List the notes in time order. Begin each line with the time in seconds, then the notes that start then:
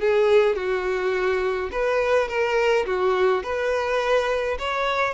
0.00 G#4
0.55 F#4
1.71 B4
2.28 A#4
2.85 F#4
3.43 B4
4.58 C#5